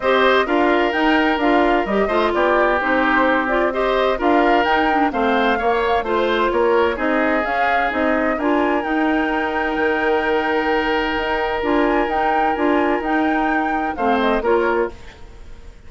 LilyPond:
<<
  \new Staff \with { instrumentName = "flute" } { \time 4/4 \tempo 4 = 129 dis''4 f''4 g''4 f''4 | dis''4 d''4 c''4. d''8 | dis''4 f''4 g''4 f''4~ | f''4 c''4 cis''4 dis''4 |
f''4 dis''4 gis''4 g''4~ | g''1~ | g''4 gis''4 g''4 gis''4 | g''2 f''8 dis''8 cis''4 | }
  \new Staff \with { instrumentName = "oboe" } { \time 4/4 c''4 ais'2.~ | ais'8 c''8 g'2. | c''4 ais'2 c''4 | cis''4 c''4 ais'4 gis'4~ |
gis'2 ais'2~ | ais'1~ | ais'1~ | ais'2 c''4 ais'4 | }
  \new Staff \with { instrumentName = "clarinet" } { \time 4/4 g'4 f'4 dis'4 f'4 | g'8 f'4. dis'4. f'8 | g'4 f'4 dis'8 d'8 c'4 | ais4 f'2 dis'4 |
cis'4 dis'4 f'4 dis'4~ | dis'1~ | dis'4 f'4 dis'4 f'4 | dis'2 c'4 f'4 | }
  \new Staff \with { instrumentName = "bassoon" } { \time 4/4 c'4 d'4 dis'4 d'4 | g8 a8 b4 c'2~ | c'4 d'4 dis'4 a4 | ais4 a4 ais4 c'4 |
cis'4 c'4 d'4 dis'4~ | dis'4 dis2. | dis'4 d'4 dis'4 d'4 | dis'2 a4 ais4 | }
>>